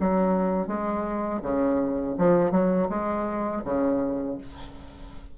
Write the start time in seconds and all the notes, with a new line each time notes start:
0.00 F#3
0.68 G#3
1.42 C#3
2.18 F3
2.51 F#3
2.89 G#3
3.65 C#3